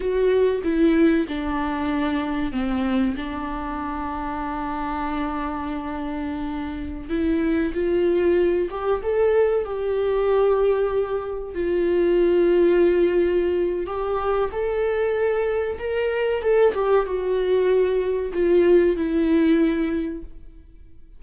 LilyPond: \new Staff \with { instrumentName = "viola" } { \time 4/4 \tempo 4 = 95 fis'4 e'4 d'2 | c'4 d'2.~ | d'2.~ d'16 e'8.~ | e'16 f'4. g'8 a'4 g'8.~ |
g'2~ g'16 f'4.~ f'16~ | f'2 g'4 a'4~ | a'4 ais'4 a'8 g'8 fis'4~ | fis'4 f'4 e'2 | }